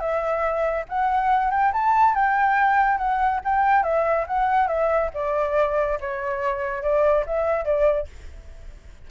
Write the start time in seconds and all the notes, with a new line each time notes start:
0.00 E5
0.89 F#5
1.51 G5
1.73 A5
2.15 G5
2.98 F#5
3.44 G5
3.83 E5
4.27 F#5
4.68 E5
5.14 D5
6.01 C#5
6.83 D5
7.26 E5
7.65 D5